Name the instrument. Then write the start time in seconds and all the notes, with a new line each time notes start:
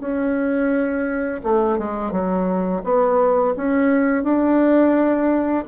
bassoon
0.00 C#4
1.44 A3
1.78 G#3
2.12 F#3
2.84 B3
3.57 C#4
4.24 D4